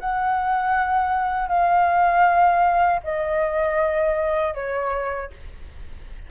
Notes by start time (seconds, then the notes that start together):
0.00 F#5
1.48 F5
3.04 D#5
4.55 C#5